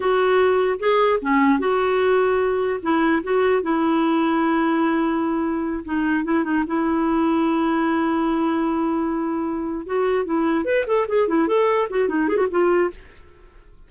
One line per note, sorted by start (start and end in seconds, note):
0.00 0.79 F#4
0.79 1.19 G#4
1.21 1.59 C#4
1.59 2.80 F#4
2.82 3.22 E4
3.23 3.62 F#4
3.62 5.84 E4
5.84 6.24 D#4
6.24 6.44 E4
6.44 6.64 D#4
6.66 9.86 E4
9.86 10.25 F#4
10.25 10.65 E4
10.65 10.85 B4
10.86 11.06 A4
11.07 11.28 G#4
11.28 11.47 E4
11.47 11.88 A4
11.90 12.08 F#4
12.08 12.28 D#4
12.28 12.36 G#4
12.36 12.46 F#4
12.50 12.90 F4